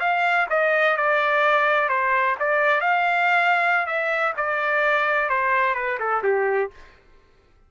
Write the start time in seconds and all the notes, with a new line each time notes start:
0.00 F5
0.50 D#5
0.97 D5
1.89 C5
2.40 D5
2.81 F5
3.86 E5
4.37 D5
5.29 C5
5.75 B4
5.99 A4
6.23 G4